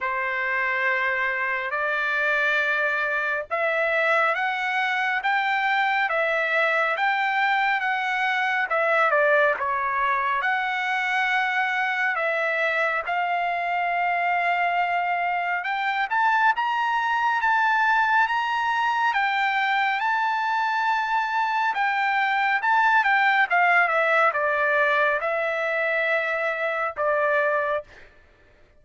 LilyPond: \new Staff \with { instrumentName = "trumpet" } { \time 4/4 \tempo 4 = 69 c''2 d''2 | e''4 fis''4 g''4 e''4 | g''4 fis''4 e''8 d''8 cis''4 | fis''2 e''4 f''4~ |
f''2 g''8 a''8 ais''4 | a''4 ais''4 g''4 a''4~ | a''4 g''4 a''8 g''8 f''8 e''8 | d''4 e''2 d''4 | }